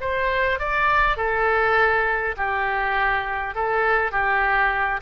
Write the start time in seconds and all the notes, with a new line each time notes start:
0.00 C5
0.59 D5
1.16 A4
2.37 G4
3.55 A4
4.11 G4